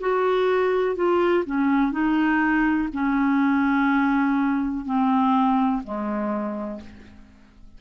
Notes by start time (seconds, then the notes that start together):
0.00 F#4
0.95 F4
1.45 C#4
1.91 D#4
2.93 C#4
4.85 C4
5.84 G#3